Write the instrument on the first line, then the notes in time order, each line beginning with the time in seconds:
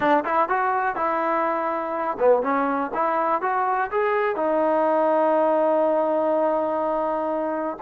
trombone
0.00 D4
0.24 E4
0.48 F#4
0.95 E4
2.19 B3
2.42 C#4
2.94 E4
3.41 F#4
3.91 G#4
4.35 D#4